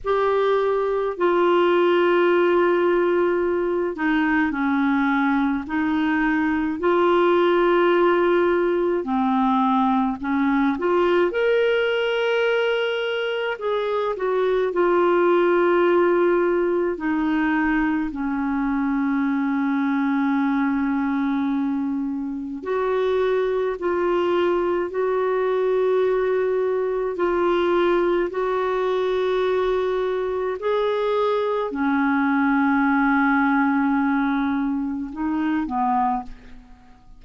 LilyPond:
\new Staff \with { instrumentName = "clarinet" } { \time 4/4 \tempo 4 = 53 g'4 f'2~ f'8 dis'8 | cis'4 dis'4 f'2 | c'4 cis'8 f'8 ais'2 | gis'8 fis'8 f'2 dis'4 |
cis'1 | fis'4 f'4 fis'2 | f'4 fis'2 gis'4 | cis'2. dis'8 b8 | }